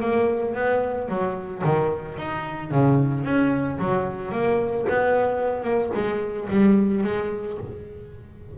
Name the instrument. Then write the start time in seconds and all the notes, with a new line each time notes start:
double bass
0.00 A#3
0.54 B3
1.08 F#3
1.63 D#3
2.17 D#4
2.71 C#3
3.24 C#4
3.78 F#3
4.31 A#3
4.89 B3
5.63 A#3
5.94 G#3
6.50 G3
7.03 G#3